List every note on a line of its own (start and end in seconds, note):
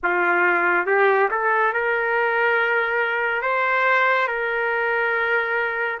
0.03 0.86 F4
0.86 1.29 G4
1.31 1.73 A4
1.73 3.42 A#4
3.42 4.27 C5
4.27 5.99 A#4